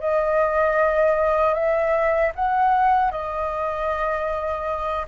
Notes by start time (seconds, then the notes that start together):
0.00 D#5
1.54 E5
2.36 F#5
3.11 D#5